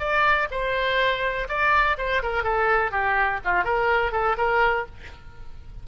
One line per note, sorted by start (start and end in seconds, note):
0.00 0.48 D5
0.51 1.48 C5
1.49 1.98 D5
1.98 2.23 C5
2.23 2.44 A#4
2.44 2.92 A4
2.92 3.40 G4
3.45 3.64 F4
3.64 4.12 A#4
4.12 4.37 A4
4.38 4.87 A#4